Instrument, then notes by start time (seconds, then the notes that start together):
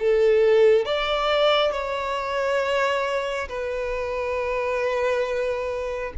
violin
0.00 A4
0.86 D5
1.72 C#5
3.49 B4